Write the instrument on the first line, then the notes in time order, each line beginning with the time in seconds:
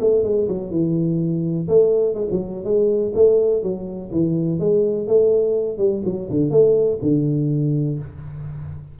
tuba
0.00 A3
0.23 G#3
0.48 F#3
0.70 E3
1.68 A3
2.14 G#3
2.30 F#3
2.64 G#3
3.14 A3
3.62 F#3
4.11 E3
4.59 G#3
5.07 A3
5.78 G3
6.04 F#3
6.30 D3
6.50 A3
7.01 D3